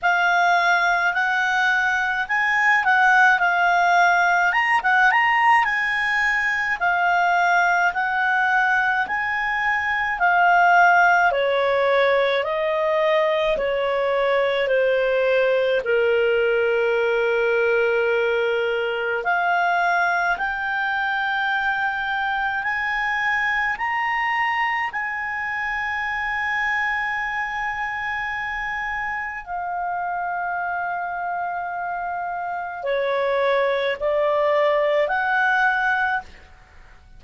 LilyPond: \new Staff \with { instrumentName = "clarinet" } { \time 4/4 \tempo 4 = 53 f''4 fis''4 gis''8 fis''8 f''4 | ais''16 fis''16 ais''8 gis''4 f''4 fis''4 | gis''4 f''4 cis''4 dis''4 | cis''4 c''4 ais'2~ |
ais'4 f''4 g''2 | gis''4 ais''4 gis''2~ | gis''2 f''2~ | f''4 cis''4 d''4 fis''4 | }